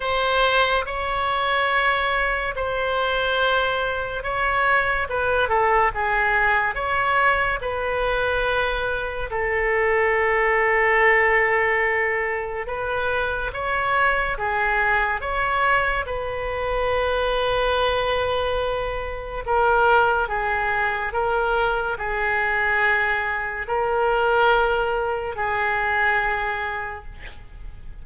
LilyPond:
\new Staff \with { instrumentName = "oboe" } { \time 4/4 \tempo 4 = 71 c''4 cis''2 c''4~ | c''4 cis''4 b'8 a'8 gis'4 | cis''4 b'2 a'4~ | a'2. b'4 |
cis''4 gis'4 cis''4 b'4~ | b'2. ais'4 | gis'4 ais'4 gis'2 | ais'2 gis'2 | }